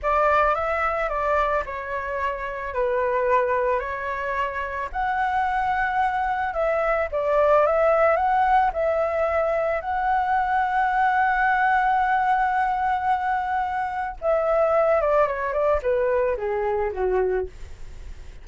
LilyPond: \new Staff \with { instrumentName = "flute" } { \time 4/4 \tempo 4 = 110 d''4 e''4 d''4 cis''4~ | cis''4 b'2 cis''4~ | cis''4 fis''2. | e''4 d''4 e''4 fis''4 |
e''2 fis''2~ | fis''1~ | fis''2 e''4. d''8 | cis''8 d''8 b'4 gis'4 fis'4 | }